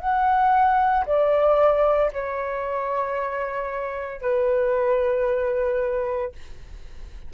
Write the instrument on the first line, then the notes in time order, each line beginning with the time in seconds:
flute
0.00 F#5
1.06 D5
2.13 C#5
4.22 B4